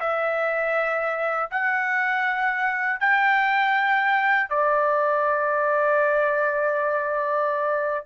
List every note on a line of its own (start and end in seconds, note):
0.00 1.50 E5
1.51 3.00 F#5
3.00 4.50 G5
4.50 8.06 D5